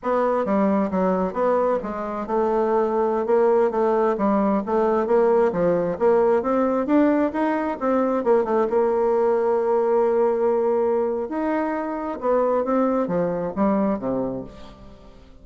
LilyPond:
\new Staff \with { instrumentName = "bassoon" } { \time 4/4 \tempo 4 = 133 b4 g4 fis4 b4 | gis4 a2~ a16 ais8.~ | ais16 a4 g4 a4 ais8.~ | ais16 f4 ais4 c'4 d'8.~ |
d'16 dis'4 c'4 ais8 a8 ais8.~ | ais1~ | ais4 dis'2 b4 | c'4 f4 g4 c4 | }